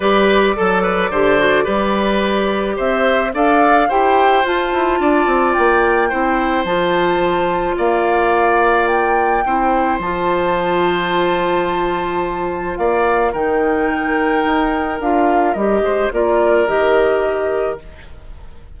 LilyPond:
<<
  \new Staff \with { instrumentName = "flute" } { \time 4/4 \tempo 4 = 108 d''1~ | d''4 e''4 f''4 g''4 | a''2 g''2 | a''2 f''2 |
g''2 a''2~ | a''2. f''4 | g''2. f''4 | dis''4 d''4 dis''2 | }
  \new Staff \with { instrumentName = "oboe" } { \time 4/4 b'4 a'8 b'8 c''4 b'4~ | b'4 c''4 d''4 c''4~ | c''4 d''2 c''4~ | c''2 d''2~ |
d''4 c''2.~ | c''2. d''4 | ais'1~ | ais'8 c''8 ais'2. | }
  \new Staff \with { instrumentName = "clarinet" } { \time 4/4 g'4 a'4 g'8 fis'8 g'4~ | g'2 a'4 g'4 | f'2. e'4 | f'1~ |
f'4 e'4 f'2~ | f'1 | dis'2. f'4 | g'4 f'4 g'2 | }
  \new Staff \with { instrumentName = "bassoon" } { \time 4/4 g4 fis4 d4 g4~ | g4 c'4 d'4 e'4 | f'8 e'8 d'8 c'8 ais4 c'4 | f2 ais2~ |
ais4 c'4 f2~ | f2. ais4 | dis2 dis'4 d'4 | g8 gis8 ais4 dis2 | }
>>